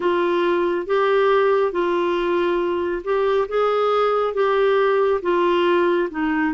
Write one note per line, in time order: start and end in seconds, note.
0.00 0.86 F4
0.86 1.72 G4
1.72 3.02 F4
3.04 3.47 G4
3.48 4.34 G#4
4.34 5.21 G4
5.22 6.09 F4
6.10 6.53 D#4